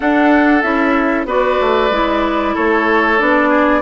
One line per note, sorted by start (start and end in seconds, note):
0.00 0.62 D4
0.00 0.63 D4
0.00 1.27 A4
0.00 0.61 F#5
0.61 1.25 C#4
0.61 1.26 E4
0.61 1.25 E5
1.25 1.57 B3
1.25 1.90 F#4
1.25 2.54 B4
1.25 2.56 D5
1.60 1.90 A3
1.90 2.54 G#3
1.90 3.18 E4
2.54 3.20 A3
2.54 3.49 A4
2.54 3.19 C#5
3.18 3.82 B3
3.18 3.82 D4
3.18 3.82 D5
3.49 3.81 G#4